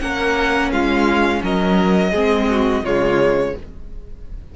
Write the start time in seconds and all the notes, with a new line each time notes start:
0.00 A#3 C#4 A#4 F#5
0.71 G#3 F4 F5
1.43 F#3 A#4 D#5
2.10 G#3 C4 G#4
2.50 F#4
2.82 C#3 G#3 F4 C#5